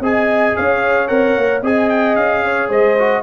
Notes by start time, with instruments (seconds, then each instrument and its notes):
0.00 tuba C4, trombone G#4, horn D#5, trumpet G#5
0.56 tuba C#4, horn C#5, trumpet F5
1.07 tuba C4, trombone A#4, trumpet F#5
1.36 tuba A#3
1.62 tuba C4, trombone G#4, horn D#5, trumpet G#5
1.89 trumpet G5
2.16 tuba C#4, trumpet F5
2.44 horn C#5
2.69 tuba G#3, horn C5, trumpet D#5
2.98 trombone F#4